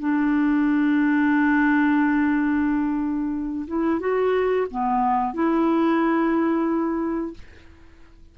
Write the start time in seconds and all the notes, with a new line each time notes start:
0.00 D4
3.68 E4
4.00 F#4
4.71 B3
5.34 E4